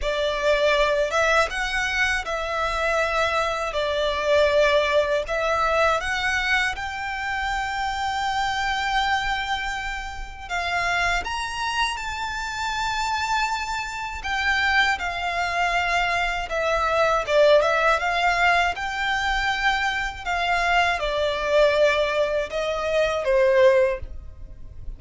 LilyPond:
\new Staff \with { instrumentName = "violin" } { \time 4/4 \tempo 4 = 80 d''4. e''8 fis''4 e''4~ | e''4 d''2 e''4 | fis''4 g''2.~ | g''2 f''4 ais''4 |
a''2. g''4 | f''2 e''4 d''8 e''8 | f''4 g''2 f''4 | d''2 dis''4 c''4 | }